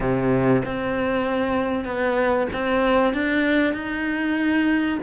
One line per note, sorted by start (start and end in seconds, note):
0.00 0.62 C3
0.64 1.84 C4
1.84 2.47 B3
2.52 3.13 C4
3.13 3.73 D4
3.73 4.98 D#4